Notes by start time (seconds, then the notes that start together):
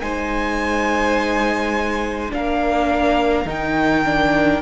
0.00 G#3 D#4 C5 G#5
2.30 A#3 D4 A#4 F5
3.45 D#3 D#4 G5
4.04 D4